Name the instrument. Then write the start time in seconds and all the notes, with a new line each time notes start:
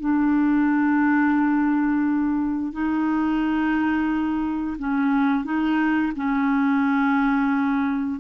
clarinet
0.00 D4
2.72 D#4
4.79 C#4
5.45 D#4
6.16 C#4